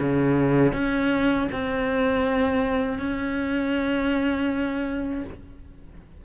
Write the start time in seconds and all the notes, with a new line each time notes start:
0.00 C#3
0.73 C#4
1.52 C4
2.99 C#4